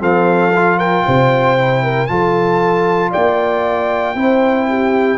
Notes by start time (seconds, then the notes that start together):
0.00 F3 C4 A4 F5
0.55 F4
0.79 A#4 G5
1.07 C3 C5
1.58 E4
1.84 A#4
2.07 F3 F4 A4 A5
3.11 A#3 D5 G5
4.16 C4 E4 C5
4.69 G4